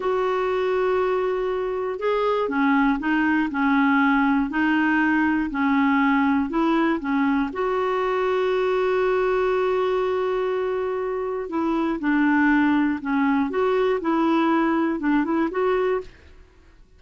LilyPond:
\new Staff \with { instrumentName = "clarinet" } { \time 4/4 \tempo 4 = 120 fis'1 | gis'4 cis'4 dis'4 cis'4~ | cis'4 dis'2 cis'4~ | cis'4 e'4 cis'4 fis'4~ |
fis'1~ | fis'2. e'4 | d'2 cis'4 fis'4 | e'2 d'8 e'8 fis'4 | }